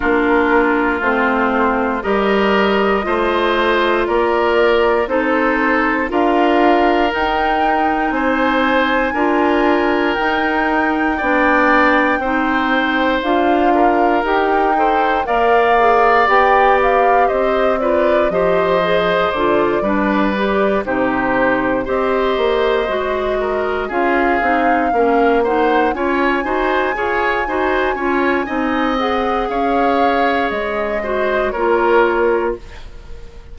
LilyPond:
<<
  \new Staff \with { instrumentName = "flute" } { \time 4/4 \tempo 4 = 59 ais'4 c''4 dis''2 | d''4 c''4 f''4 g''4 | gis''2 g''2~ | g''4 f''4 g''4 f''4 |
g''8 f''8 dis''8 d''8 dis''4 d''4~ | d''8 c''4 dis''2 f''8~ | f''4 fis''8 gis''2~ gis''8~ | gis''8 fis''8 f''4 dis''4 cis''4 | }
  \new Staff \with { instrumentName = "oboe" } { \time 4/4 f'2 ais'4 c''4 | ais'4 a'4 ais'2 | c''4 ais'2 d''4 | c''4. ais'4 c''8 d''4~ |
d''4 c''8 b'8 c''4. b'8~ | b'8 g'4 c''4. ais'8 gis'8~ | gis'8 ais'8 c''8 cis''8 c''8 cis''8 c''8 cis''8 | dis''4 cis''4. c''8 ais'4 | }
  \new Staff \with { instrumentName = "clarinet" } { \time 4/4 d'4 c'4 g'4 f'4~ | f'4 dis'4 f'4 dis'4~ | dis'4 f'4 dis'4 d'4 | dis'4 f'4 g'8 a'8 ais'8 gis'8 |
g'4. f'8 g'8 gis'8 f'8 d'8 | g'8 dis'4 g'4 fis'4 f'8 | dis'8 cis'8 dis'8 f'8 fis'8 gis'8 fis'8 f'8 | dis'8 gis'2 fis'8 f'4 | }
  \new Staff \with { instrumentName = "bassoon" } { \time 4/4 ais4 a4 g4 a4 | ais4 c'4 d'4 dis'4 | c'4 d'4 dis'4 b4 | c'4 d'4 dis'4 ais4 |
b4 c'4 f4 d8 g8~ | g8 c4 c'8 ais8 gis4 cis'8 | c'8 ais4 cis'8 dis'8 f'8 dis'8 cis'8 | c'4 cis'4 gis4 ais4 | }
>>